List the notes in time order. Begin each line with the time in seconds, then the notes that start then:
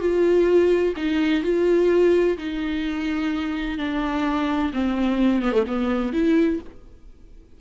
0.00 F4
0.97 D#4
1.43 F4
2.38 D#4
3.78 D4
4.73 C4
5.42 B3
5.52 A3
5.68 B3
6.13 E4